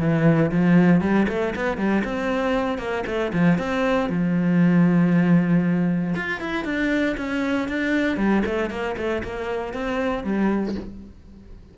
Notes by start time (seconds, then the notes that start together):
0.00 E3
0.52 F3
1.01 G3
1.29 A3
1.56 B3
1.78 G3
2.05 C4
2.79 A#3
3.07 A3
3.34 F3
3.59 C4
4.10 F3
6.16 F4
6.41 E4
6.65 D4
7.18 C#4
7.69 D4
8.18 G3
8.46 A3
8.71 A#3
8.97 A3
9.24 A#3
9.74 C4
10.24 G3